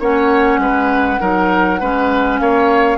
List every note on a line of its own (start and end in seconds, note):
0.00 0.58 A#3
0.00 1.20 C#4
0.00 0.60 C#5
0.00 2.39 F#5
0.58 1.19 G#3
0.58 1.21 B4
1.20 1.81 F#3
1.20 1.79 D#4
1.20 1.80 A#4
1.80 2.41 G#3
1.80 2.98 C#4
1.80 2.40 B4
2.39 2.98 A#3
2.39 2.98 C#5
2.39 2.98 F5